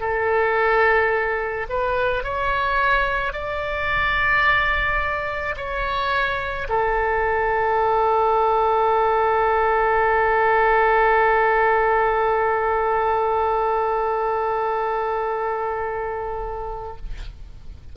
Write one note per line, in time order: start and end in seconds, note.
0.00 1.67 A4
1.69 2.24 B4
2.24 3.33 C#5
3.33 5.55 D5
5.57 6.68 C#5
6.69 16.96 A4